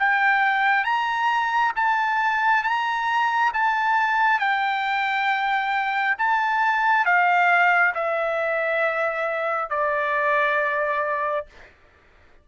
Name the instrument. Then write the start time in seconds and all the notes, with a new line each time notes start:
trumpet
0.00 G5
0.85 A#5
1.76 A5
2.64 A#5
3.54 A5
4.40 G5
6.19 A5
7.06 F5
7.95 E5
9.70 D5